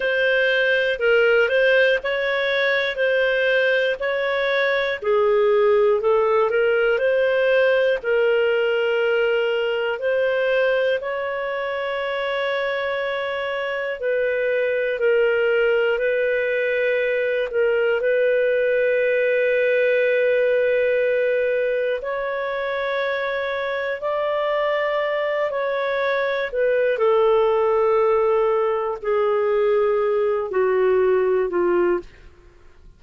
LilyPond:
\new Staff \with { instrumentName = "clarinet" } { \time 4/4 \tempo 4 = 60 c''4 ais'8 c''8 cis''4 c''4 | cis''4 gis'4 a'8 ais'8 c''4 | ais'2 c''4 cis''4~ | cis''2 b'4 ais'4 |
b'4. ais'8 b'2~ | b'2 cis''2 | d''4. cis''4 b'8 a'4~ | a'4 gis'4. fis'4 f'8 | }